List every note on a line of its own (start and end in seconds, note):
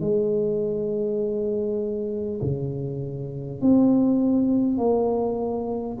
0.00 2.40 G#3
2.41 3.61 C#3
3.61 4.77 C4
4.77 5.97 A#3